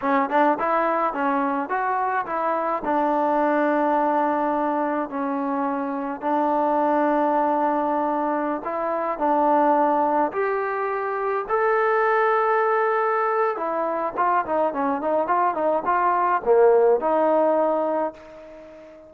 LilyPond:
\new Staff \with { instrumentName = "trombone" } { \time 4/4 \tempo 4 = 106 cis'8 d'8 e'4 cis'4 fis'4 | e'4 d'2.~ | d'4 cis'2 d'4~ | d'2.~ d'16 e'8.~ |
e'16 d'2 g'4.~ g'16~ | g'16 a'2.~ a'8. | e'4 f'8 dis'8 cis'8 dis'8 f'8 dis'8 | f'4 ais4 dis'2 | }